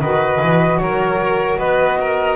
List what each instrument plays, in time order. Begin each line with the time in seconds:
0.00 double bass D#3, saxophone F#4, violin B4, flute D#5
0.41 double bass E3
0.78 double bass F#3, violin A#4, flute C#5
1.57 double bass B3, violin B4, flute D#5
2.00 violin A#4